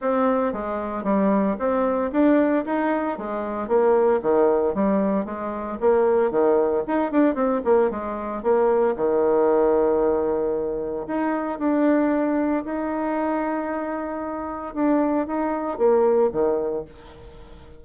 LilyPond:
\new Staff \with { instrumentName = "bassoon" } { \time 4/4 \tempo 4 = 114 c'4 gis4 g4 c'4 | d'4 dis'4 gis4 ais4 | dis4 g4 gis4 ais4 | dis4 dis'8 d'8 c'8 ais8 gis4 |
ais4 dis2.~ | dis4 dis'4 d'2 | dis'1 | d'4 dis'4 ais4 dis4 | }